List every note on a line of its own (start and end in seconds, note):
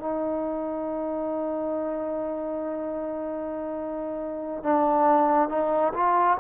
0.00 4.63 D#4
4.63 5.49 D4
5.49 5.93 D#4
5.94 6.38 F4